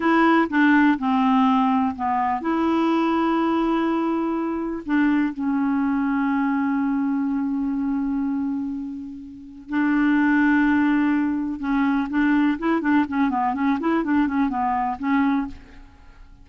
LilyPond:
\new Staff \with { instrumentName = "clarinet" } { \time 4/4 \tempo 4 = 124 e'4 d'4 c'2 | b4 e'2.~ | e'2 d'4 cis'4~ | cis'1~ |
cis'1 | d'1 | cis'4 d'4 e'8 d'8 cis'8 b8 | cis'8 e'8 d'8 cis'8 b4 cis'4 | }